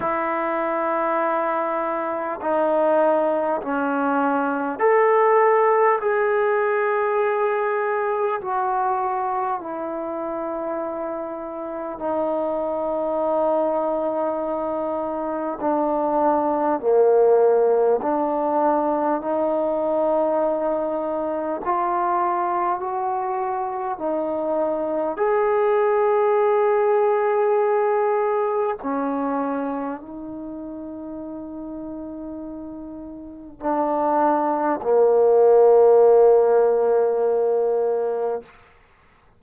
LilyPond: \new Staff \with { instrumentName = "trombone" } { \time 4/4 \tempo 4 = 50 e'2 dis'4 cis'4 | a'4 gis'2 fis'4 | e'2 dis'2~ | dis'4 d'4 ais4 d'4 |
dis'2 f'4 fis'4 | dis'4 gis'2. | cis'4 dis'2. | d'4 ais2. | }